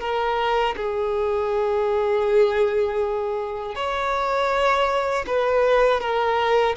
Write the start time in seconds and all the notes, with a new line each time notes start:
0.00 A#4
0.76 G#4
3.75 C#5
5.27 B4
6.00 A#4